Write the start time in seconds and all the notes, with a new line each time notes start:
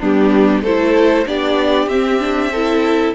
0.00 G3 B3 D4 G4
0.62 A3 E4 A4 C5
1.26 B3 D4 G4 D5
1.87 C4 E5
2.20 D4
2.52 E4 A4